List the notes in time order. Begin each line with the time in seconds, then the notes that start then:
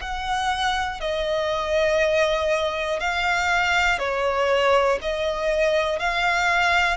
0.00 F#5
1.00 D#5
3.00 F5
3.99 C#5
5.01 D#5
5.99 F5